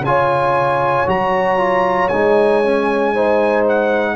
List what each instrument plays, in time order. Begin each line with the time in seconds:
0.00 tuba C#3, trombone F4, trumpet G#5
0.07 horn C#5
1.06 tuba F#3, trombone F#4, trumpet A#5
1.58 trombone F4
2.08 tuba G#3, trombone D#4, trumpet G#5
2.64 trombone C#4
3.14 trombone D#4, horn C5
3.69 trumpet F#5